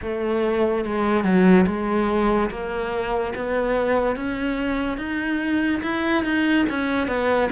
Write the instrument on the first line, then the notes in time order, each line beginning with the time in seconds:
cello
0.02 A3
0.84 G#3
1.23 F#3
1.66 G#3
2.50 A#3
3.35 B3
4.16 C#4
4.97 D#4
5.82 E4
6.23 D#4
6.69 C#4
7.07 B3